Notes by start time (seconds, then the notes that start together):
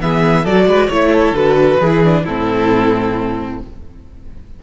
0.00 E3 B3 G#4 E5
0.43 F#3 F#4 A4 D5
0.66 G#3 B4
0.87 A3 E4 C#5
0.93 C#5
1.12 A4
1.31 D3 F#4 B4
1.80 E3 E4 G#4
2.04 D4
2.23 A2 C4 E4 A4